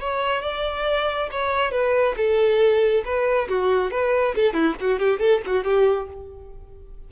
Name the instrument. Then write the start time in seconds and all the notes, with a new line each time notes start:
violin
0.00 C#5
0.42 D5
1.31 C#5
1.71 B4
2.17 A4
3.05 B4
3.48 F#4
3.91 B4
4.35 A4
4.53 E4
4.80 F#4
4.99 G4
5.19 A4
5.46 F#4
5.64 G4